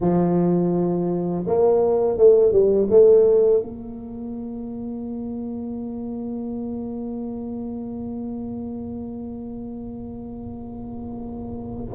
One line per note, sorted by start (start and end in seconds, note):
0.00 1.45 F3
1.46 2.17 A#3
2.17 2.51 A3
2.51 2.88 G3
2.89 3.62 A3
3.62 11.93 A#3